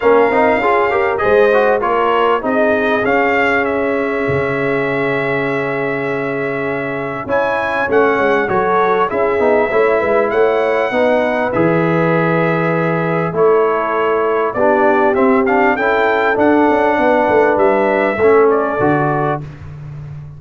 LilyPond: <<
  \new Staff \with { instrumentName = "trumpet" } { \time 4/4 \tempo 4 = 99 f''2 dis''4 cis''4 | dis''4 f''4 e''2~ | e''1 | gis''4 fis''4 cis''4 e''4~ |
e''4 fis''2 e''4~ | e''2 cis''2 | d''4 e''8 f''8 g''4 fis''4~ | fis''4 e''4. d''4. | }
  \new Staff \with { instrumentName = "horn" } { \time 4/4 ais'4 gis'8 ais'8 c''4 ais'4 | gis'1~ | gis'1 | cis''2 a'4 gis'4 |
cis''8 b'8 cis''4 b'2~ | b'2 a'2 | g'2 a'2 | b'2 a'2 | }
  \new Staff \with { instrumentName = "trombone" } { \time 4/4 cis'8 dis'8 f'8 g'8 gis'8 fis'8 f'4 | dis'4 cis'2.~ | cis'1 | e'4 cis'4 fis'4 e'8 dis'8 |
e'2 dis'4 gis'4~ | gis'2 e'2 | d'4 c'8 d'8 e'4 d'4~ | d'2 cis'4 fis'4 | }
  \new Staff \with { instrumentName = "tuba" } { \time 4/4 ais8 c'8 cis'4 gis4 ais4 | c'4 cis'2 cis4~ | cis1 | cis'4 a8 gis8 fis4 cis'8 b8 |
a8 gis8 a4 b4 e4~ | e2 a2 | b4 c'4 cis'4 d'8 cis'8 | b8 a8 g4 a4 d4 | }
>>